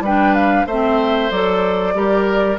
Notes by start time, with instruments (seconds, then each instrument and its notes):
0.00 bassoon G3, clarinet D4, oboe B4, flute G5
0.34 flute F5
0.66 bassoon A3, clarinet C4, oboe C5, flute E5
1.31 bassoon F#3, clarinet A4, flute D5
1.94 bassoon G3, clarinet G4, oboe A#4